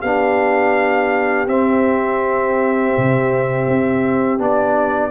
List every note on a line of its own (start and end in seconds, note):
0.00 1.47 B3
0.00 1.48 D4
0.00 5.10 G4
0.00 1.47 F5
1.47 2.93 C4
1.47 4.38 C4
1.47 4.41 E5
2.97 3.67 C3
3.67 4.39 C4
4.38 5.10 B3
4.38 5.10 D4
4.38 5.10 D5